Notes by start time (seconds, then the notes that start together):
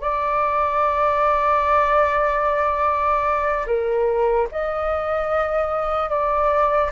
0.00 D5
3.66 A#4
4.51 D#5
6.09 D5